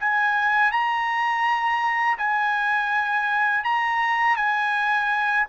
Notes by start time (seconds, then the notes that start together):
0.00 G#5
0.72 A#5
2.18 G#5
3.64 A#5
4.37 G#5